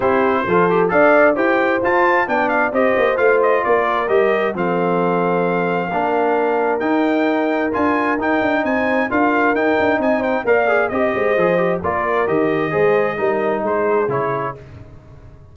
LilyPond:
<<
  \new Staff \with { instrumentName = "trumpet" } { \time 4/4 \tempo 4 = 132 c''2 f''4 g''4 | a''4 g''8 f''8 dis''4 f''8 dis''8 | d''4 dis''4 f''2~ | f''2. g''4~ |
g''4 gis''4 g''4 gis''4 | f''4 g''4 gis''8 g''8 f''4 | dis''2 d''4 dis''4~ | dis''2 c''4 cis''4 | }
  \new Staff \with { instrumentName = "horn" } { \time 4/4 g'4 a'4 d''4 c''4~ | c''4 d''4 c''2 | ais'2 a'2~ | a'4 ais'2.~ |
ais'2. c''4 | ais'2 dis''8 c''8 d''4 | dis''8 c''4. ais'2 | c''4 ais'4 gis'2 | }
  \new Staff \with { instrumentName = "trombone" } { \time 4/4 e'4 f'8 g'8 a'4 g'4 | f'4 d'4 g'4 f'4~ | f'4 g'4 c'2~ | c'4 d'2 dis'4~ |
dis'4 f'4 dis'2 | f'4 dis'2 ais'8 gis'8 | g'4 gis'8 g'8 f'4 g'4 | gis'4 dis'2 e'4 | }
  \new Staff \with { instrumentName = "tuba" } { \time 4/4 c'4 f4 d'4 e'4 | f'4 b4 c'8 ais8 a4 | ais4 g4 f2~ | f4 ais2 dis'4~ |
dis'4 d'4 dis'8 d'8 c'4 | d'4 dis'8 d'8 c'4 ais4 | c'8 gis8 f4 ais4 dis4 | gis4 g4 gis4 cis4 | }
>>